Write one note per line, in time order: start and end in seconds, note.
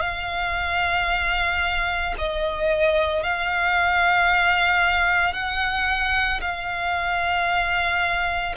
0.00 2.14 F5
2.18 3.23 D#5
3.23 5.33 F5
5.33 6.40 F#5
6.41 8.55 F5